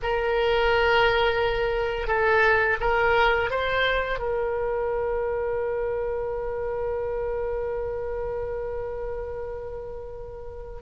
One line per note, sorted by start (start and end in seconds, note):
0.02 2.07 A#4
2.07 2.77 A4
2.80 3.50 A#4
3.50 4.19 C5
4.19 10.81 A#4